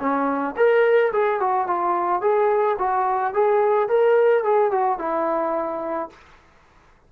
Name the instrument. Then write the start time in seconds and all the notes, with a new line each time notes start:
trombone
0.00 C#4
0.57 A#4
1.13 G#4
1.41 F#4
1.67 F4
2.22 G#4
2.79 F#4
3.34 G#4
3.89 A#4
4.44 G#4
4.72 F#4
4.99 E4